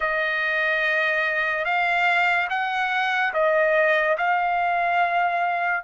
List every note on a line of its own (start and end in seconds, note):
0.00 1.64 D#5
1.64 2.48 F5
2.49 3.33 F#5
3.33 4.17 D#5
4.17 5.84 F5